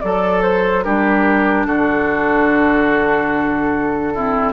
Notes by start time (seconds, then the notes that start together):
0.00 F#3 A4 D5
0.42 C5
0.83 G3 D4 G4 A#4
1.65 D3 F#4 A4
4.14 C4 E4